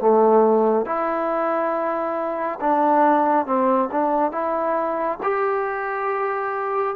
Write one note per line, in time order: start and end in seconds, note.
0.00 0.86 A3
0.86 2.60 E4
2.60 3.46 D4
3.46 3.90 C4
3.92 4.32 D4
4.32 5.19 E4
5.23 6.96 G4